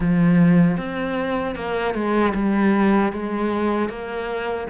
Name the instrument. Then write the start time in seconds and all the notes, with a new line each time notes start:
cello
0.00 F3
0.77 C4
1.55 A#3
1.94 G#3
2.34 G3
3.12 G#3
3.89 A#3